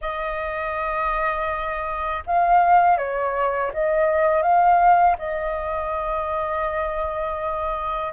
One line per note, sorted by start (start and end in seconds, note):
0.01 2.23 D#5
2.26 2.97 F5
2.97 3.71 C#5
3.73 4.42 D#5
4.42 5.16 F5
5.18 8.13 D#5